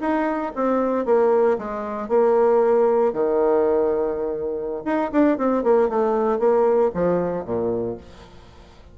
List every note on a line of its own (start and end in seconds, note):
0.00 0.52 D#4
0.55 1.05 C4
1.05 1.57 A#3
1.58 2.08 G#3
2.08 3.13 A#3
3.13 4.82 D#3
4.85 5.11 D#4
5.11 5.37 D4
5.37 5.63 C4
5.63 5.88 A#3
5.88 6.38 A3
6.38 6.91 A#3
6.94 7.44 F3
7.44 7.97 A#2